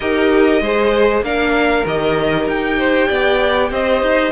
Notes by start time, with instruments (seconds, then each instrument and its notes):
0.00 cello D#4, viola G4, violin A#4 D#5
0.60 cello G#3, viola G#4, violin C5
1.22 cello A#3, viola D4, violin A#4 F5
1.85 cello D#3, viola G4, violin D#5
2.47 cello D#4, violin G5
2.78 violin C5
3.08 cello B3, violin D5
3.70 cello C4, violin C5 D#5
4.01 cello D#4